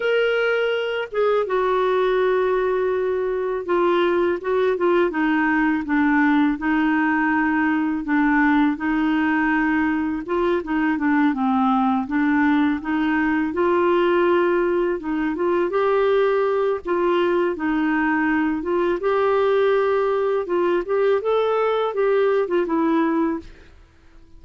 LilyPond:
\new Staff \with { instrumentName = "clarinet" } { \time 4/4 \tempo 4 = 82 ais'4. gis'8 fis'2~ | fis'4 f'4 fis'8 f'8 dis'4 | d'4 dis'2 d'4 | dis'2 f'8 dis'8 d'8 c'8~ |
c'8 d'4 dis'4 f'4.~ | f'8 dis'8 f'8 g'4. f'4 | dis'4. f'8 g'2 | f'8 g'8 a'4 g'8. f'16 e'4 | }